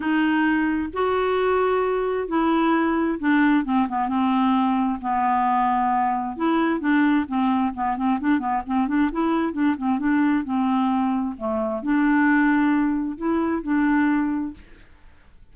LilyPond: \new Staff \with { instrumentName = "clarinet" } { \time 4/4 \tempo 4 = 132 dis'2 fis'2~ | fis'4 e'2 d'4 | c'8 b8 c'2 b4~ | b2 e'4 d'4 |
c'4 b8 c'8 d'8 b8 c'8 d'8 | e'4 d'8 c'8 d'4 c'4~ | c'4 a4 d'2~ | d'4 e'4 d'2 | }